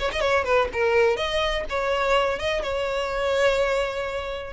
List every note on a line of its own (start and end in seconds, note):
0.00 0.12 C#5
0.13 0.21 D#5
0.21 0.45 C#5
0.45 0.69 B4
0.74 1.17 A#4
1.17 1.65 D#5
1.70 2.40 C#5
2.40 2.63 D#5
2.63 4.54 C#5